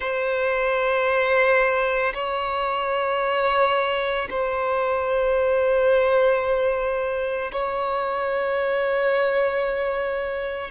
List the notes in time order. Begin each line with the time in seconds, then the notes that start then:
0.00 C5
2.14 C#5
4.30 C5
7.52 C#5